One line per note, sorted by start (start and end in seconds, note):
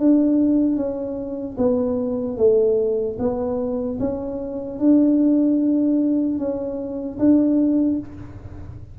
0.00 0.77 D4
0.77 1.57 C#4
1.58 2.37 B3
2.37 3.17 A3
3.19 3.99 B3
4.00 4.80 C#4
4.80 6.39 D4
6.39 7.19 C#4
7.19 7.99 D4